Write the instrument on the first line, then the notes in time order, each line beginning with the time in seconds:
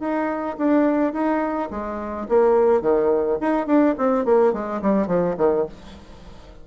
bassoon
0.00 D#4
0.58 D4
1.13 D#4
1.71 G#3
2.29 A#3
2.81 D#3
3.40 D#4
3.67 D4
3.98 C4
4.25 A#3
4.53 G#3
4.82 G3
5.07 F3
5.37 D#3